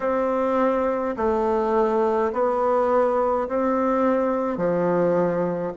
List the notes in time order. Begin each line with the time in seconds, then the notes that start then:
0.00 C4
1.16 A3
2.32 B3
3.48 C4
4.57 F3